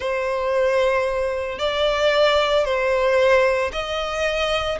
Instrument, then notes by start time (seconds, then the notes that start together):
violin
0.00 C5
1.59 D5
2.65 C5
3.72 D#5